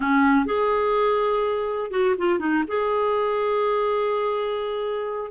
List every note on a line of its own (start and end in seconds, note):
0.00 0.45 C#4
0.45 1.90 G#4
1.90 2.15 F#4
2.18 2.39 F4
2.39 2.63 D#4
2.67 5.31 G#4